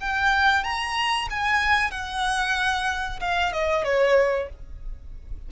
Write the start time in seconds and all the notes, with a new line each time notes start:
0.00 G5
0.63 A#5
1.30 G#5
1.91 F#5
3.20 F5
3.52 D#5
3.84 C#5